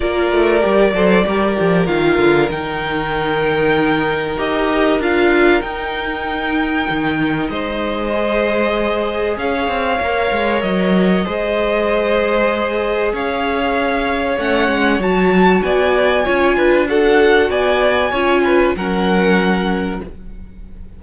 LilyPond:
<<
  \new Staff \with { instrumentName = "violin" } { \time 4/4 \tempo 4 = 96 d''2. f''4 | g''2. dis''4 | f''4 g''2. | dis''2. f''4~ |
f''4 dis''2.~ | dis''4 f''2 fis''4 | a''4 gis''2 fis''4 | gis''2 fis''2 | }
  \new Staff \with { instrumentName = "violin" } { \time 4/4 ais'4. c''8 ais'2~ | ais'1~ | ais'1 | c''2. cis''4~ |
cis''2 c''2~ | c''4 cis''2.~ | cis''4 d''4 cis''8 b'8 a'4 | d''4 cis''8 b'8 ais'2 | }
  \new Staff \with { instrumentName = "viola" } { \time 4/4 f'4 g'8 a'8 g'4 f'4 | dis'2. g'4 | f'4 dis'2.~ | dis'4 gis'2. |
ais'2 gis'2~ | gis'2. cis'4 | fis'2 f'4 fis'4~ | fis'4 f'4 cis'2 | }
  \new Staff \with { instrumentName = "cello" } { \time 4/4 ais8 a8 g8 fis8 g8 f8 dis8 d8 | dis2. dis'4 | d'4 dis'2 dis4 | gis2. cis'8 c'8 |
ais8 gis8 fis4 gis2~ | gis4 cis'2 a8 gis8 | fis4 b4 cis'8 d'4. | b4 cis'4 fis2 | }
>>